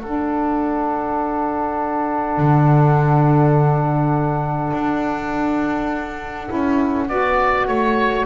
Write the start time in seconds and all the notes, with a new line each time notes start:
0.00 D4 A4 F#5
2.38 D3
4.74 D4
6.47 C#4 E4
7.09 B3 F#4 D5
7.68 A3 C#5